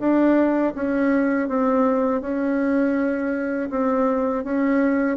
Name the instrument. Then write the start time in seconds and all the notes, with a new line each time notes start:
bassoon
0.00 D4
0.75 C#4
1.49 C4
2.22 C#4
3.70 C4
4.44 C#4